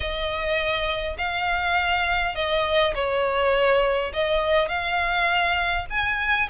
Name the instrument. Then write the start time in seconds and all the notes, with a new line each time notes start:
violin
0.00 D#5
1.18 F5
2.35 D#5
2.94 C#5
4.13 D#5
4.68 F5
5.90 G#5